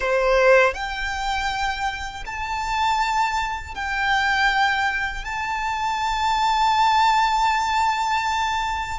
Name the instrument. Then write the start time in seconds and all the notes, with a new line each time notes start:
violin
0.00 C5
0.74 G5
2.25 A5
3.75 G5
5.24 A5